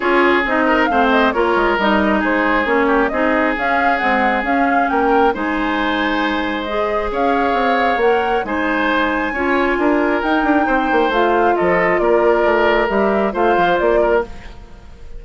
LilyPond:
<<
  \new Staff \with { instrumentName = "flute" } { \time 4/4 \tempo 4 = 135 cis''4 dis''4 f''8 dis''8 cis''4 | dis''4 c''4 cis''4 dis''4 | f''4 fis''4 f''4 g''4 | gis''2. dis''4 |
f''2 fis''4 gis''4~ | gis''2. g''4~ | g''4 f''4 dis''4 d''4~ | d''4 e''4 f''4 d''4 | }
  \new Staff \with { instrumentName = "oboe" } { \time 4/4 gis'4. ais'8 c''4 ais'4~ | ais'4 gis'4. g'8 gis'4~ | gis'2. ais'4 | c''1 |
cis''2. c''4~ | c''4 cis''4 ais'2 | c''2 a'4 ais'4~ | ais'2 c''4. ais'8 | }
  \new Staff \with { instrumentName = "clarinet" } { \time 4/4 f'4 dis'4 c'4 f'4 | dis'2 cis'4 dis'4 | cis'4 gis4 cis'2 | dis'2. gis'4~ |
gis'2 ais'4 dis'4~ | dis'4 f'2 dis'4~ | dis'4 f'2.~ | f'4 g'4 f'2 | }
  \new Staff \with { instrumentName = "bassoon" } { \time 4/4 cis'4 c'4 a4 ais8 gis8 | g4 gis4 ais4 c'4 | cis'4 c'4 cis'4 ais4 | gis1 |
cis'4 c'4 ais4 gis4~ | gis4 cis'4 d'4 dis'8 d'8 | c'8 ais8 a4 f4 ais4 | a4 g4 a8 f8 ais4 | }
>>